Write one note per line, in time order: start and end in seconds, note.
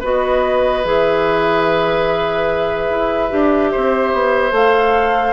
0.00 0.84 B3
0.00 0.84 F#4
0.00 3.70 B4
0.00 0.85 D#5
0.84 2.90 E3
0.84 3.29 G#4
0.84 4.54 E5
2.90 3.31 E4
3.29 3.73 D4
3.29 4.51 G4
3.71 4.13 C4
3.71 5.33 C5
4.13 4.51 B3
4.51 5.33 A3
4.51 5.33 A4
4.51 5.33 F5